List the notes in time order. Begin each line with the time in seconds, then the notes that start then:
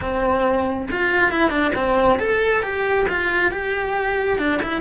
0.01 C4
0.91 F4
1.31 E4
1.50 D4
1.75 C4
2.19 A4
2.62 G4
3.08 F4
3.51 G4
4.38 D4
4.62 E4